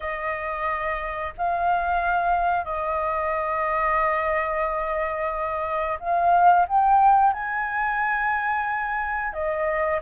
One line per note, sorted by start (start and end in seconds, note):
0.00 1.33 D#5
1.37 2.65 F5
2.65 5.98 D#5
5.99 6.66 F5
6.68 7.33 G5
7.33 9.33 G#5
9.33 10.00 D#5